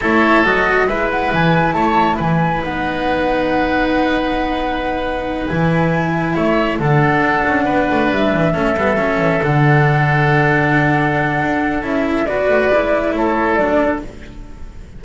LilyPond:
<<
  \new Staff \with { instrumentName = "flute" } { \time 4/4 \tempo 4 = 137 cis''4 dis''4 e''8 fis''8 gis''4 | a''4 gis''4 fis''2~ | fis''1~ | fis''8 gis''2 e''4 fis''8~ |
fis''2~ fis''8 e''4.~ | e''4. fis''2~ fis''8~ | fis''2. e''4 | d''2 cis''4 d''4 | }
  \new Staff \with { instrumentName = "oboe" } { \time 4/4 a'2 b'2 | cis''4 b'2.~ | b'1~ | b'2~ b'8 cis''4 a'8~ |
a'4. b'2 a'8~ | a'1~ | a'1 | b'2 a'2 | }
  \new Staff \with { instrumentName = "cello" } { \time 4/4 e'4 fis'4 e'2~ | e'2 dis'2~ | dis'1~ | dis'8 e'2. d'8~ |
d'2.~ d'8 cis'8 | b8 cis'4 d'2~ d'8~ | d'2. e'4 | fis'4 e'2 d'4 | }
  \new Staff \with { instrumentName = "double bass" } { \time 4/4 a4 fis4 gis4 e4 | a4 e4 b2~ | b1~ | b8 e2 a4 d8~ |
d8 d'8 cis'8 b8 a8 g8 e8 a8 | g8 fis8 e8 d2~ d8~ | d2 d'4 cis'4 | b8 a8 gis4 a4 fis4 | }
>>